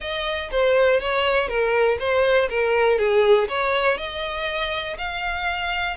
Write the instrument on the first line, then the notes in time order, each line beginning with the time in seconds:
violin
0.00 D#5
0.51 C5
1.00 C#5
1.48 A#4
1.99 C5
2.49 A#4
2.98 G#4
3.48 C#5
3.97 D#5
4.98 F5